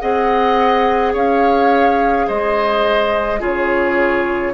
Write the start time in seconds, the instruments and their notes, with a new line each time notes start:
0.00 bassoon C4, clarinet G#4, oboe D#5, flute F#5
1.13 bassoon C#4, oboe C#5, flute F5
2.28 bassoon G#3, oboe C5, flute D#5
3.40 bassoon C#3, clarinet F4, oboe G#4, flute C#5